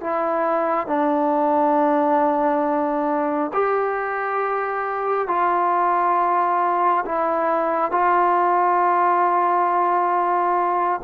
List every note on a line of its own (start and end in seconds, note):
0.00 0.87 E4
0.87 3.51 D4
3.53 5.28 G4
5.28 7.04 F4
7.05 7.91 E4
7.91 11.00 F4